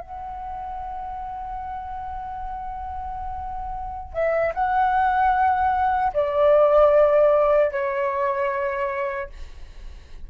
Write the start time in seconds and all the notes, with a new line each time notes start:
0.00 F#5
4.13 E5
4.54 F#5
6.13 D5
7.72 C#5